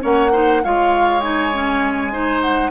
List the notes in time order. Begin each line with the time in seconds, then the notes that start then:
0.00 A#3 C#4 C#5 F#5
0.32 D#4 C5
0.64 G#3 F4 C#5 F5
1.20 D#4 G#5
1.53 C#4
2.11 D#4 C5
2.41 F#5